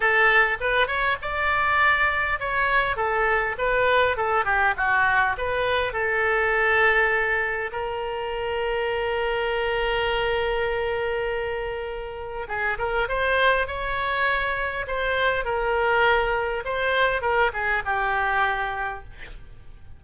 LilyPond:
\new Staff \with { instrumentName = "oboe" } { \time 4/4 \tempo 4 = 101 a'4 b'8 cis''8 d''2 | cis''4 a'4 b'4 a'8 g'8 | fis'4 b'4 a'2~ | a'4 ais'2.~ |
ais'1~ | ais'4 gis'8 ais'8 c''4 cis''4~ | cis''4 c''4 ais'2 | c''4 ais'8 gis'8 g'2 | }